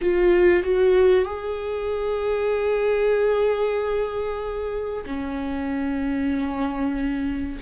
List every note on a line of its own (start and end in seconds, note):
0.01 0.63 F4
0.63 1.25 F#4
1.25 5.04 G#4
5.06 7.58 C#4